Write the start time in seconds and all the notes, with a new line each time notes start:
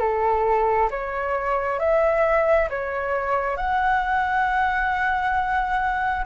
0.00 A4
0.91 C#5
1.80 E5
2.70 C#5
3.57 F#5